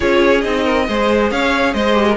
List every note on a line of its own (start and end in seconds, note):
0.00 0.44 C#4
0.00 0.41 F4
0.00 0.64 G#4
0.00 0.41 C#5
0.41 0.88 C4
0.41 0.86 D#4
0.41 1.28 D#5
0.64 0.85 A#4
0.88 1.31 G#3
0.88 1.92 G#4
0.88 1.31 C5
1.31 1.74 C#4
1.31 1.74 C#5
1.31 1.73 F5
1.73 2.16 G#3
1.73 2.07 C5
1.73 2.16 D#5
1.92 2.14 G4
2.08 2.16 A#4